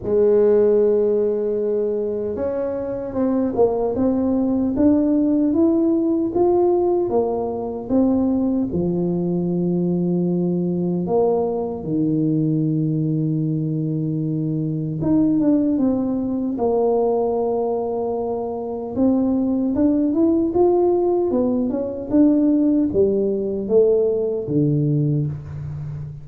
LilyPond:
\new Staff \with { instrumentName = "tuba" } { \time 4/4 \tempo 4 = 76 gis2. cis'4 | c'8 ais8 c'4 d'4 e'4 | f'4 ais4 c'4 f4~ | f2 ais4 dis4~ |
dis2. dis'8 d'8 | c'4 ais2. | c'4 d'8 e'8 f'4 b8 cis'8 | d'4 g4 a4 d4 | }